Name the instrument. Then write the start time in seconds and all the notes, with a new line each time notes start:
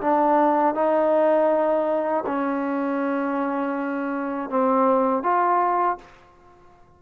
trombone
0.00 D4
0.74 D#4
2.26 C#4
4.49 C4
5.23 F4